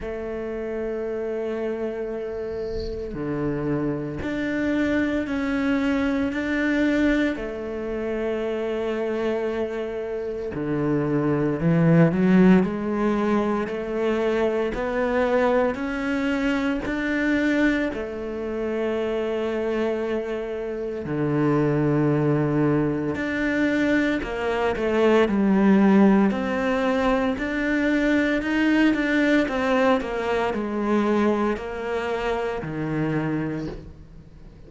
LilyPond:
\new Staff \with { instrumentName = "cello" } { \time 4/4 \tempo 4 = 57 a2. d4 | d'4 cis'4 d'4 a4~ | a2 d4 e8 fis8 | gis4 a4 b4 cis'4 |
d'4 a2. | d2 d'4 ais8 a8 | g4 c'4 d'4 dis'8 d'8 | c'8 ais8 gis4 ais4 dis4 | }